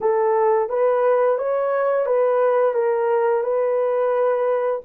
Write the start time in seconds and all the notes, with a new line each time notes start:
0.00 A4
0.69 B4
1.38 C#5
2.05 B4
2.74 A#4
3.43 B4